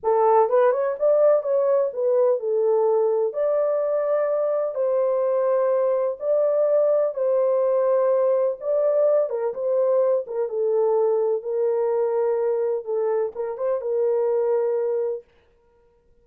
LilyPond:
\new Staff \with { instrumentName = "horn" } { \time 4/4 \tempo 4 = 126 a'4 b'8 cis''8 d''4 cis''4 | b'4 a'2 d''4~ | d''2 c''2~ | c''4 d''2 c''4~ |
c''2 d''4. ais'8 | c''4. ais'8 a'2 | ais'2. a'4 | ais'8 c''8 ais'2. | }